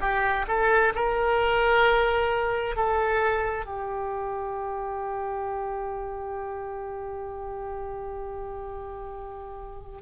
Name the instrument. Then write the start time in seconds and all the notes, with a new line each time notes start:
oboe
0.00 G4
0.47 A4
0.95 A#4
2.76 A4
3.65 G4